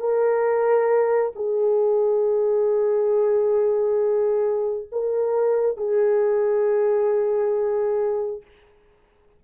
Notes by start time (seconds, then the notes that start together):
0.00 A#4
1.36 G#4
4.92 A#4
5.77 G#4